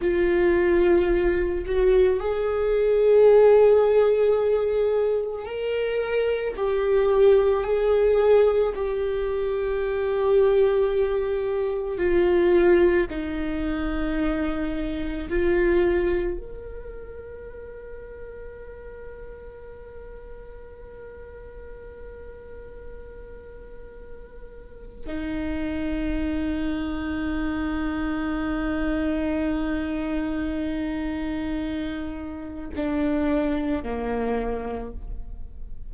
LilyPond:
\new Staff \with { instrumentName = "viola" } { \time 4/4 \tempo 4 = 55 f'4. fis'8 gis'2~ | gis'4 ais'4 g'4 gis'4 | g'2. f'4 | dis'2 f'4 ais'4~ |
ais'1~ | ais'2. dis'4~ | dis'1~ | dis'2 d'4 ais4 | }